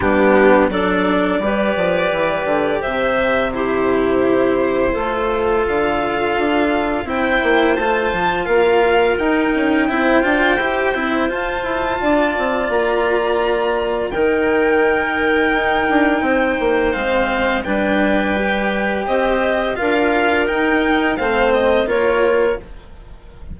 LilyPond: <<
  \new Staff \with { instrumentName = "violin" } { \time 4/4 \tempo 4 = 85 g'4 d''2. | e''4 c''2. | f''2 g''4 a''4 | f''4 g''2. |
a''2 ais''2 | g''1 | f''4 g''2 dis''4 | f''4 g''4 f''8 dis''8 cis''4 | }
  \new Staff \with { instrumentName = "clarinet" } { \time 4/4 d'4 a'4 b'2 | c''4 g'2 a'4~ | a'2 c''2 | ais'2 c''2~ |
c''4 d''2. | ais'2. c''4~ | c''4 b'2 c''4 | ais'2 c''4 ais'4 | }
  \new Staff \with { instrumentName = "cello" } { \time 4/4 b4 d'4 g'2~ | g'4 e'2 f'4~ | f'2 e'4 f'4~ | f'4 dis'4 e'8 f'8 g'8 e'8 |
f'1 | dis'1 | c'4 d'4 g'2 | f'4 dis'4 c'4 f'4 | }
  \new Staff \with { instrumentName = "bassoon" } { \time 4/4 g4 fis4 g8 f8 e8 d8 | c2. a4 | d4 d'4 c'8 ais8 a8 f8 | ais4 dis'8 cis'8 c'8 d'8 e'8 c'8 |
f'8 e'8 d'8 c'8 ais2 | dis2 dis'8 d'8 c'8 ais8 | gis4 g2 c'4 | d'4 dis'4 a4 ais4 | }
>>